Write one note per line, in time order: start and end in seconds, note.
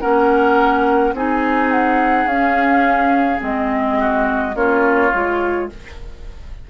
0.00 1.12 A#3
0.00 1.14 C#4
0.00 1.14 A#4
0.00 1.13 F#5
1.12 2.25 C4
1.12 2.28 D#4
1.12 3.98 G#4
1.12 1.71 G#5
1.71 2.27 F#5
2.25 3.38 C#4
2.25 3.40 C#4
2.25 3.40 F5
3.40 4.54 G#3
3.40 4.53 C4
3.40 4.56 D#5
3.98 4.55 F#4
4.54 5.11 A#3
4.54 5.12 C#4
4.54 5.68 F4
4.54 5.69 C#5
5.12 5.70 G#3
5.12 5.69 F4